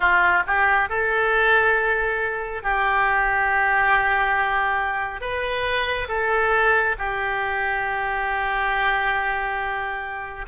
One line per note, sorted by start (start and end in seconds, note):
0.00 0.43 F4
0.46 0.89 G4
0.89 2.62 A4
2.62 5.20 G4
5.20 6.07 B4
6.08 6.95 A4
6.98 10.46 G4